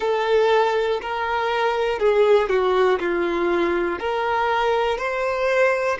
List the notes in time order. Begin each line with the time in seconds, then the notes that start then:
0.00 A4
1.01 A#4
1.99 G#4
2.49 F#4
3.00 F4
3.99 A#4
4.97 C5